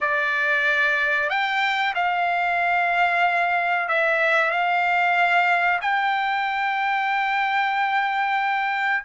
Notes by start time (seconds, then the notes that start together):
0.00 D5
1.29 G5
1.94 F5
3.88 E5
4.50 F5
5.81 G5